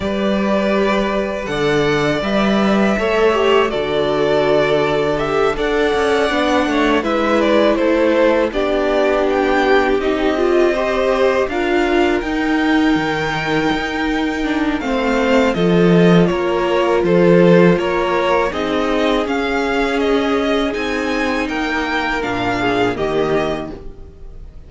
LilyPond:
<<
  \new Staff \with { instrumentName = "violin" } { \time 4/4 \tempo 4 = 81 d''2 fis''4 e''4~ | e''4 d''2 e''8 fis''8~ | fis''4. e''8 d''8 c''4 d''8~ | d''8 g''4 dis''2 f''8~ |
f''8 g''2.~ g''8 | f''4 dis''4 cis''4 c''4 | cis''4 dis''4 f''4 dis''4 | gis''4 g''4 f''4 dis''4 | }
  \new Staff \with { instrumentName = "violin" } { \time 4/4 b'2 d''2 | cis''4 a'2~ a'8 d''8~ | d''4 cis''8 b'4 a'4 g'8~ | g'2~ g'8 c''4 ais'8~ |
ais'1 | c''4 a'4 ais'4 a'4 | ais'4 gis'2.~ | gis'4 ais'4. gis'8 g'4 | }
  \new Staff \with { instrumentName = "viola" } { \time 4/4 g'2 a'4 b'4 | a'8 g'8 fis'2 g'8 a'8~ | a'8 d'4 e'2 d'8~ | d'4. dis'8 f'8 g'4 f'8~ |
f'8 dis'2. d'8 | c'4 f'2.~ | f'4 dis'4 cis'2 | dis'2 d'4 ais4 | }
  \new Staff \with { instrumentName = "cello" } { \time 4/4 g2 d4 g4 | a4 d2~ d8 d'8 | cis'8 b8 a8 gis4 a4 b8~ | b4. c'2 d'8~ |
d'8 dis'4 dis4 dis'4. | a4 f4 ais4 f4 | ais4 c'4 cis'2 | c'4 ais4 ais,4 dis4 | }
>>